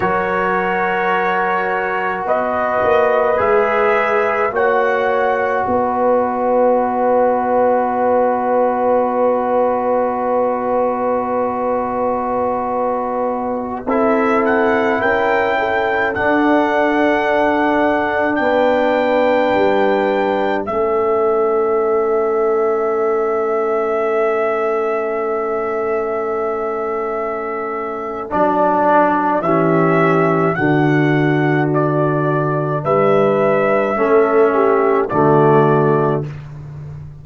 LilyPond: <<
  \new Staff \with { instrumentName = "trumpet" } { \time 4/4 \tempo 4 = 53 cis''2 dis''4 e''4 | fis''4 dis''2.~ | dis''1~ | dis''16 e''8 fis''8 g''4 fis''4.~ fis''16~ |
fis''16 g''2 e''4.~ e''16~ | e''1~ | e''4 d''4 e''4 fis''4 | d''4 e''2 d''4 | }
  \new Staff \with { instrumentName = "horn" } { \time 4/4 ais'2 b'2 | cis''4 b'2.~ | b'1~ | b'16 a'4 ais'8 a'2~ a'16~ |
a'16 b'2 a'4.~ a'16~ | a'1~ | a'2 g'4 fis'4~ | fis'4 b'4 a'8 g'8 fis'4 | }
  \new Staff \with { instrumentName = "trombone" } { \time 4/4 fis'2. gis'4 | fis'1~ | fis'1~ | fis'16 e'2 d'4.~ d'16~ |
d'2~ d'16 cis'4.~ cis'16~ | cis'1~ | cis'4 d'4 cis'4 d'4~ | d'2 cis'4 a4 | }
  \new Staff \with { instrumentName = "tuba" } { \time 4/4 fis2 b8 ais8 gis4 | ais4 b2.~ | b1~ | b16 c'4 cis'4 d'4.~ d'16~ |
d'16 b4 g4 a4.~ a16~ | a1~ | a4 fis4 e4 d4~ | d4 g4 a4 d4 | }
>>